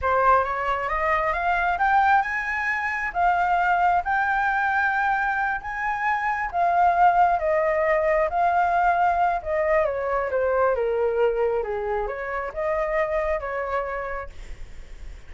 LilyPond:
\new Staff \with { instrumentName = "flute" } { \time 4/4 \tempo 4 = 134 c''4 cis''4 dis''4 f''4 | g''4 gis''2 f''4~ | f''4 g''2.~ | g''8 gis''2 f''4.~ |
f''8 dis''2 f''4.~ | f''4 dis''4 cis''4 c''4 | ais'2 gis'4 cis''4 | dis''2 cis''2 | }